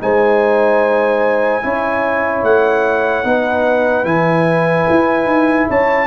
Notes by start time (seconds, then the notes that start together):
0.00 G#3 D#4 C5 G#5
1.62 C#4 E4 C#5
2.43 A3 F#5
3.24 B3 D#4 B4
4.04 E3 E4 G#5
4.90 E4
5.25 D#4
5.69 C#4 C#5 A5